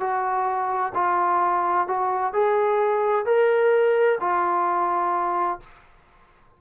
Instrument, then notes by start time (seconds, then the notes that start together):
trombone
0.00 F#4
0.95 F4
1.88 F#4
2.33 G#4
3.26 A#4
4.20 F4